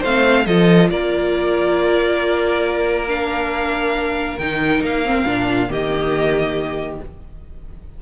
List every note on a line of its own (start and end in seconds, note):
0.00 0.47 A3
0.00 0.47 C4
0.00 0.43 C5
0.00 0.46 F5
0.46 0.90 F3
0.46 3.07 F4
0.46 0.90 A4
0.46 0.89 D#5
0.90 4.38 A#3
0.90 5.48 A#4
0.90 3.08 D5
3.08 4.38 D4
3.08 4.39 F5
4.39 4.81 D#3
4.39 5.06 D#4
4.39 4.82 G5
4.81 5.24 A#3
4.81 5.72 F5
5.06 5.26 C4
5.26 5.69 A#2
5.26 5.69 D4
5.48 5.69 F4
5.69 6.99 D#3
5.69 6.99 A#3
5.69 7.01 G4
5.69 7.02 D#5